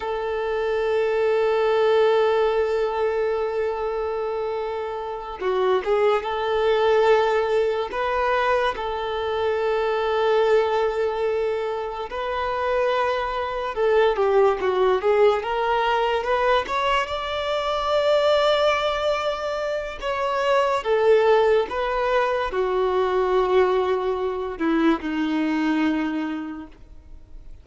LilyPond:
\new Staff \with { instrumentName = "violin" } { \time 4/4 \tempo 4 = 72 a'1~ | a'2~ a'8 fis'8 gis'8 a'8~ | a'4. b'4 a'4.~ | a'2~ a'8 b'4.~ |
b'8 a'8 g'8 fis'8 gis'8 ais'4 b'8 | cis''8 d''2.~ d''8 | cis''4 a'4 b'4 fis'4~ | fis'4. e'8 dis'2 | }